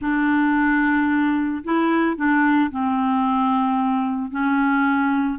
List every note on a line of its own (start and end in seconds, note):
0.01 1.63 D4
1.64 2.16 E4
2.16 2.70 D4
2.70 4.30 C4
4.30 5.38 C#4